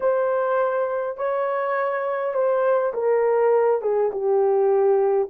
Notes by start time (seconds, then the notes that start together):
0.00 C5
1.17 C#5
2.34 C5
2.93 A#4
3.81 G#4
4.11 G4